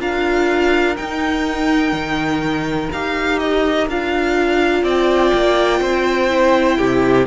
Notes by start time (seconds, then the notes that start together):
0.00 D4 F4 A#4 F5
0.97 D#4 G5
1.93 D#3
2.92 D#4 G4 F5
3.39 D#5
3.88 D4 F4 F5
4.83 C4 D5 G5
5.34 A#3
5.80 C4 C5
6.30 E4
6.78 C3 G4